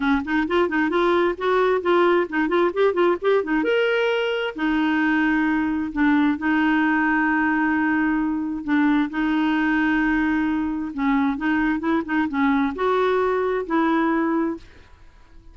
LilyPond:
\new Staff \with { instrumentName = "clarinet" } { \time 4/4 \tempo 4 = 132 cis'8 dis'8 f'8 dis'8 f'4 fis'4 | f'4 dis'8 f'8 g'8 f'8 g'8 dis'8 | ais'2 dis'2~ | dis'4 d'4 dis'2~ |
dis'2. d'4 | dis'1 | cis'4 dis'4 e'8 dis'8 cis'4 | fis'2 e'2 | }